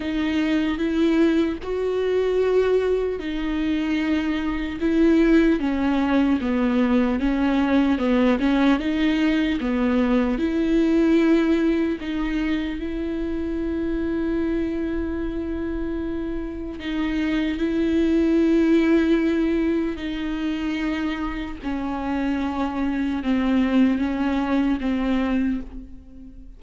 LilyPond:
\new Staff \with { instrumentName = "viola" } { \time 4/4 \tempo 4 = 75 dis'4 e'4 fis'2 | dis'2 e'4 cis'4 | b4 cis'4 b8 cis'8 dis'4 | b4 e'2 dis'4 |
e'1~ | e'4 dis'4 e'2~ | e'4 dis'2 cis'4~ | cis'4 c'4 cis'4 c'4 | }